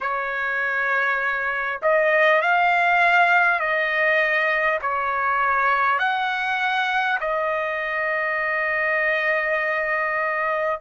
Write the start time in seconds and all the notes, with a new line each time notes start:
0.01 C#5
1.82 D#5
2.41 F5
3.59 D#5
4.81 C#5
5.98 F#5
7.20 D#5